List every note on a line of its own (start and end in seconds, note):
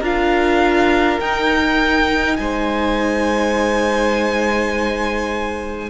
0.00 1.19 D4
0.00 1.21 F4
0.00 2.35 A#4
0.00 1.20 F5
1.20 2.38 D#4
1.20 5.90 D#4
1.20 2.37 G5
2.37 5.90 G#3
2.37 5.90 C5
2.37 5.89 G#5